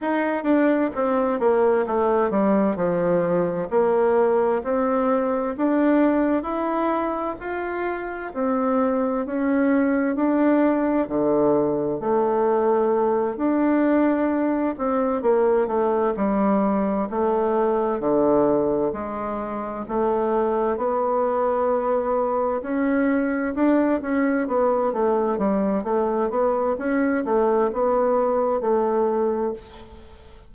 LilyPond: \new Staff \with { instrumentName = "bassoon" } { \time 4/4 \tempo 4 = 65 dis'8 d'8 c'8 ais8 a8 g8 f4 | ais4 c'4 d'4 e'4 | f'4 c'4 cis'4 d'4 | d4 a4. d'4. |
c'8 ais8 a8 g4 a4 d8~ | d8 gis4 a4 b4.~ | b8 cis'4 d'8 cis'8 b8 a8 g8 | a8 b8 cis'8 a8 b4 a4 | }